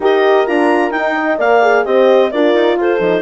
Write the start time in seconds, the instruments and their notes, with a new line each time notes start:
0.00 bassoon D#4, horn G4 A#4, clarinet D#5
0.46 bassoon D4, horn F4, clarinet A#5
0.91 horn D#4, bassoon D#4, clarinet G5
1.15 horn D#5
1.38 bassoon A#3, horn A#4 D5, clarinet F5
1.61 horn G#4
1.84 bassoon C4, horn G4 C5, clarinet D#5
2.31 bassoon D4, horn F4 A#4, clarinet D5
2.54 bassoon D#4
2.77 bassoon F4, horn A4, clarinet C5
2.98 bassoon F3, horn D#4